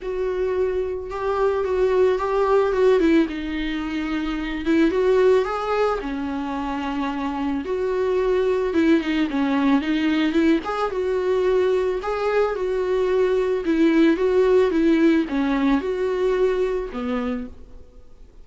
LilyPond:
\new Staff \with { instrumentName = "viola" } { \time 4/4 \tempo 4 = 110 fis'2 g'4 fis'4 | g'4 fis'8 e'8 dis'2~ | dis'8 e'8 fis'4 gis'4 cis'4~ | cis'2 fis'2 |
e'8 dis'8 cis'4 dis'4 e'8 gis'8 | fis'2 gis'4 fis'4~ | fis'4 e'4 fis'4 e'4 | cis'4 fis'2 b4 | }